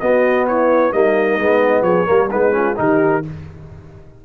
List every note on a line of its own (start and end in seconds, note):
0.00 0.93 B3
0.00 0.47 F#4
0.00 0.46 D#5
0.47 0.93 E4
0.47 0.92 C#5
0.92 1.39 G3
0.92 1.39 A#3
0.92 1.84 D#4
0.92 1.83 D#5
1.39 1.82 G#3
1.39 2.06 B3
1.82 2.05 F3
1.82 2.07 G#4
1.82 2.29 C#5
2.06 2.32 G3
2.06 2.29 A#3
2.06 2.30 A#4
2.31 2.78 G#3
2.31 2.52 B3
2.31 2.54 D#4
2.31 2.77 B4
2.52 2.75 C#4
2.52 2.78 F4
2.76 3.25 D#3
2.76 3.22 D#4
2.76 3.25 G4
2.76 3.25 A#4